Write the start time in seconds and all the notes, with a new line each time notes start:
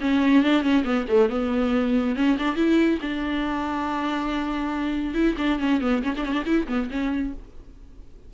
0.00 C#4
0.43 D4
0.62 C#4
0.84 B3
1.08 A3
1.29 B3
2.15 C#4
2.38 D4
2.55 E4
3.01 D4
5.14 E4
5.37 D4
5.59 C#4
5.81 B3
6.02 C#4
6.16 D4
6.25 C#4
6.32 D4
6.45 E4
6.67 B3
6.90 C#4